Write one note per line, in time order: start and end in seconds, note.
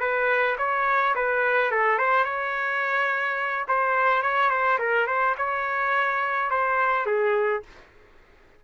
0.00 0.57 B4
0.58 1.15 C#5
1.15 1.71 B4
1.71 1.99 A4
1.99 2.25 C5
2.25 3.66 C#5
3.68 4.22 C5
4.22 4.50 C#5
4.50 4.79 C5
4.79 5.07 A#4
5.07 5.35 C5
5.38 6.51 C#5
6.51 7.06 C5
7.06 7.63 G#4